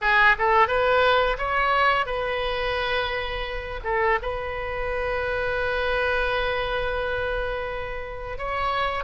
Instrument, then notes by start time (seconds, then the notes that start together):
oboe
0.01 G#4
0.38 A4
0.67 B4
1.38 C#5
2.06 B4
3.84 A4
4.21 B4
8.38 C#5